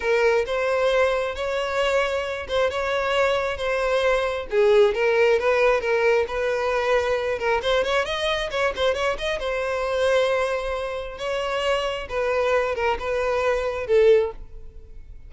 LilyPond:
\new Staff \with { instrumentName = "violin" } { \time 4/4 \tempo 4 = 134 ais'4 c''2 cis''4~ | cis''4. c''8 cis''2 | c''2 gis'4 ais'4 | b'4 ais'4 b'2~ |
b'8 ais'8 c''8 cis''8 dis''4 cis''8 c''8 | cis''8 dis''8 c''2.~ | c''4 cis''2 b'4~ | b'8 ais'8 b'2 a'4 | }